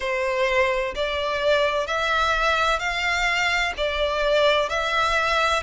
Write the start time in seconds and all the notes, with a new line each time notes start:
0.00 C5
0.95 D5
1.86 E5
2.79 F5
3.77 D5
4.69 E5